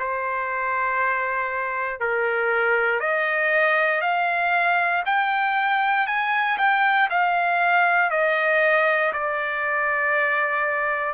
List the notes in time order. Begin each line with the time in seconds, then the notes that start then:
0.00 C5
2.01 A#4
3.00 D#5
4.02 F5
5.06 G5
6.07 G#5
6.58 G5
7.10 F5
8.11 D#5
9.13 D5